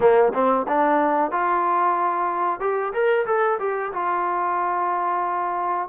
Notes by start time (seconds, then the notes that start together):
0.00 A#3
0.33 C4
0.68 D4
1.31 F4
2.60 G4
2.93 A#4
3.25 A4
3.59 G4
3.92 F4